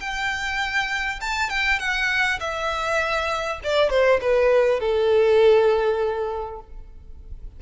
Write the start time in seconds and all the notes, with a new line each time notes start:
0.00 G5
1.21 A5
1.50 G5
1.79 F#5
2.40 E5
3.64 D5
3.90 C5
4.22 B4
4.80 A4